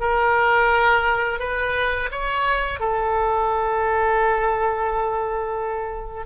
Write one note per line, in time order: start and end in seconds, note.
0.00 1.39 A#4
1.39 2.09 B4
2.11 2.80 C#5
2.80 6.26 A4